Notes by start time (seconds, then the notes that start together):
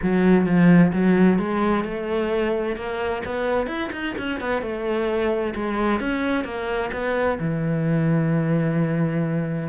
0.02 F#3
0.46 F3
0.92 F#3
1.38 G#3
1.84 A3
2.76 A#3
3.25 B3
3.66 E4
3.92 D#4
4.17 C#4
4.40 B3
4.62 A3
5.55 G#3
5.99 C#4
6.44 A#3
6.92 B3
7.39 E3